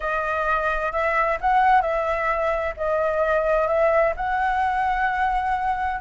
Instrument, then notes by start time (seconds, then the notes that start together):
flute
0.00 D#5
0.91 E5
1.41 F#5
1.81 E5
2.77 D#5
3.67 E5
4.16 F#5